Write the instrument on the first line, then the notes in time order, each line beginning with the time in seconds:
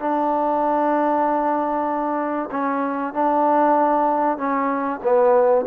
trombone
0.00 D4
2.52 C#4
3.14 D4
4.38 C#4
5.03 B3